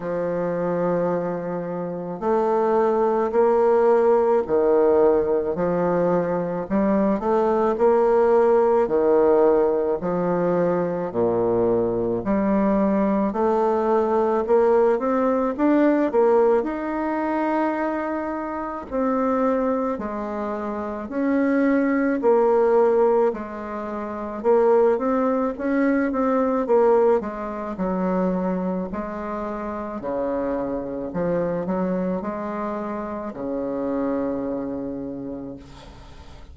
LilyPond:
\new Staff \with { instrumentName = "bassoon" } { \time 4/4 \tempo 4 = 54 f2 a4 ais4 | dis4 f4 g8 a8 ais4 | dis4 f4 ais,4 g4 | a4 ais8 c'8 d'8 ais8 dis'4~ |
dis'4 c'4 gis4 cis'4 | ais4 gis4 ais8 c'8 cis'8 c'8 | ais8 gis8 fis4 gis4 cis4 | f8 fis8 gis4 cis2 | }